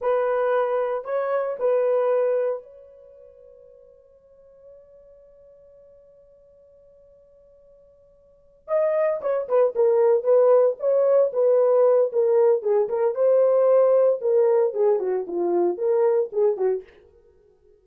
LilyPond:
\new Staff \with { instrumentName = "horn" } { \time 4/4 \tempo 4 = 114 b'2 cis''4 b'4~ | b'4 cis''2.~ | cis''1~ | cis''1~ |
cis''8 dis''4 cis''8 b'8 ais'4 b'8~ | b'8 cis''4 b'4. ais'4 | gis'8 ais'8 c''2 ais'4 | gis'8 fis'8 f'4 ais'4 gis'8 fis'8 | }